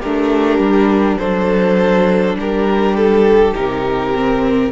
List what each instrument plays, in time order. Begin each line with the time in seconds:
0.00 cello A3, violin D4 A#4, viola G4
0.59 cello G3
1.18 cello F#3, viola D4, violin A4 C5
2.35 cello G3, violin G4 A#4
2.97 violin A4
3.54 cello C3, viola D#4, violin A#4
4.15 viola C4